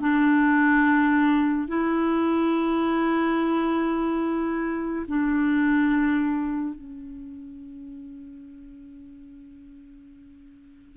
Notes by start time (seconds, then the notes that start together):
0.00 D4
1.68 E4
5.08 D4
6.75 C#4